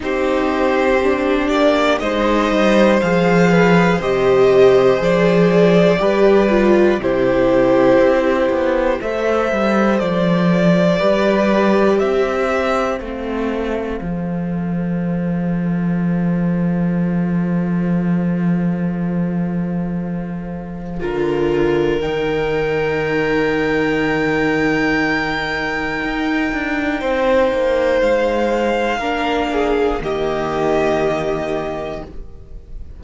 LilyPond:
<<
  \new Staff \with { instrumentName = "violin" } { \time 4/4 \tempo 4 = 60 c''4. d''8 dis''4 f''4 | dis''4 d''2 c''4~ | c''4 e''4 d''2 | e''4 f''2.~ |
f''1~ | f''2 g''2~ | g''1 | f''2 dis''2 | }
  \new Staff \with { instrumentName = "violin" } { \time 4/4 g'2 c''4. b'8 | c''2 b'4 g'4~ | g'4 c''2 b'4 | c''1~ |
c''1~ | c''4 ais'2.~ | ais'2. c''4~ | c''4 ais'8 gis'8 g'2 | }
  \new Staff \with { instrumentName = "viola" } { \time 4/4 dis'4 d'4 dis'4 gis'4 | g'4 gis'4 g'8 f'8 e'4~ | e'4 a'2 g'4~ | g'4 c'4 a'2~ |
a'1~ | a'4 f'4 dis'2~ | dis'1~ | dis'4 d'4 ais2 | }
  \new Staff \with { instrumentName = "cello" } { \time 4/4 c'4. ais8 gis8 g8 f4 | c4 f4 g4 c4 | c'8 b8 a8 g8 f4 g4 | c'4 a4 f2~ |
f1~ | f4 d4 dis2~ | dis2 dis'8 d'8 c'8 ais8 | gis4 ais4 dis2 | }
>>